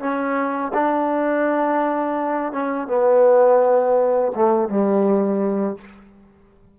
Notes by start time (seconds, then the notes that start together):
0.00 C#4
0.74 D4
2.53 C#4
2.88 B3
4.35 A3
4.69 G3